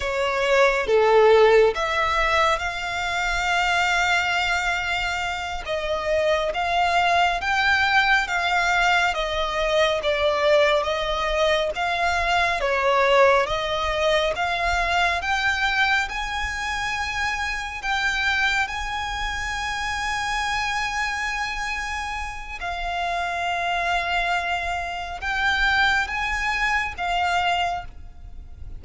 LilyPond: \new Staff \with { instrumentName = "violin" } { \time 4/4 \tempo 4 = 69 cis''4 a'4 e''4 f''4~ | f''2~ f''8 dis''4 f''8~ | f''8 g''4 f''4 dis''4 d''8~ | d''8 dis''4 f''4 cis''4 dis''8~ |
dis''8 f''4 g''4 gis''4.~ | gis''8 g''4 gis''2~ gis''8~ | gis''2 f''2~ | f''4 g''4 gis''4 f''4 | }